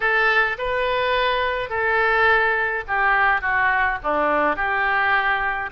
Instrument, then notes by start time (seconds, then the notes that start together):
oboe
0.00 A4
0.58 B4
1.69 A4
2.87 G4
3.41 F#4
4.03 D4
4.56 G4